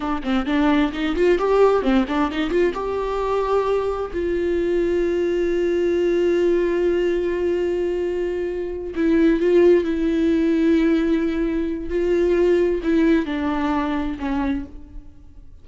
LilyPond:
\new Staff \with { instrumentName = "viola" } { \time 4/4 \tempo 4 = 131 d'8 c'8 d'4 dis'8 f'8 g'4 | c'8 d'8 dis'8 f'8 g'2~ | g'4 f'2.~ | f'1~ |
f'2.~ f'8 e'8~ | e'8 f'4 e'2~ e'8~ | e'2 f'2 | e'4 d'2 cis'4 | }